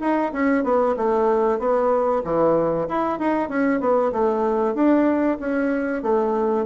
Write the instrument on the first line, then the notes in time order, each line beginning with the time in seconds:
bassoon
0.00 D#4
0.32 C#4
0.63 B3
0.96 A3
1.58 B3
2.24 E3
2.88 E4
3.19 D#4
3.49 C#4
3.80 B3
4.12 A3
4.74 D4
5.40 C#4
6.02 A3